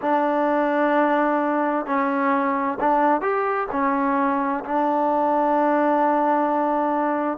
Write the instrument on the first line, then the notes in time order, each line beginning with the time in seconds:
trombone
0.01 D4
1.85 C#4
2.79 D4
3.21 G4
3.71 C#4
4.64 D4